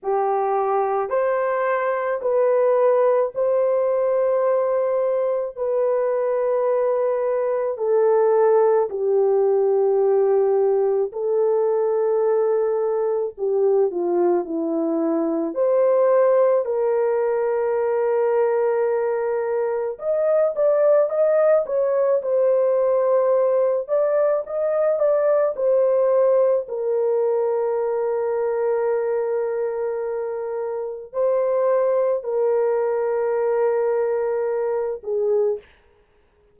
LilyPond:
\new Staff \with { instrumentName = "horn" } { \time 4/4 \tempo 4 = 54 g'4 c''4 b'4 c''4~ | c''4 b'2 a'4 | g'2 a'2 | g'8 f'8 e'4 c''4 ais'4~ |
ais'2 dis''8 d''8 dis''8 cis''8 | c''4. d''8 dis''8 d''8 c''4 | ais'1 | c''4 ais'2~ ais'8 gis'8 | }